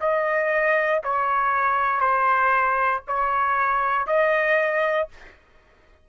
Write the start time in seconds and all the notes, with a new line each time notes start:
0.00 D#5
1.04 C#5
2.00 C5
3.07 C#5
4.07 D#5